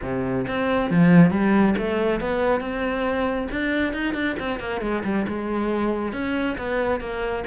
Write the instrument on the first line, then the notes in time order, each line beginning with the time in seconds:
cello
0.02 C3
0.47 C4
0.90 F3
1.31 G3
1.78 A3
2.20 B3
2.60 C4
3.51 D4
3.93 D#4
4.14 D4
4.39 C4
4.59 A#3
4.81 G#3
5.04 G3
5.28 G#3
6.13 C#4
6.58 B3
7.00 A#3